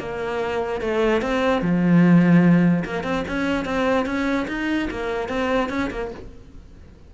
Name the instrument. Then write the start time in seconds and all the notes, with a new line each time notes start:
cello
0.00 A#3
0.81 A3
1.22 C4
1.62 F3
2.85 A#3
3.04 C4
3.28 C#4
3.66 C4
4.06 C#4
4.48 D#4
4.91 A#3
5.29 C4
5.70 C#4
5.91 A#3